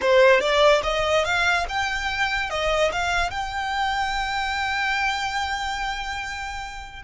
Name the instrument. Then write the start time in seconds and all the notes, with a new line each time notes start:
violin
0.01 C5
0.40 D5
0.83 D#5
1.24 F5
1.69 G5
2.49 D#5
2.92 F5
3.30 G5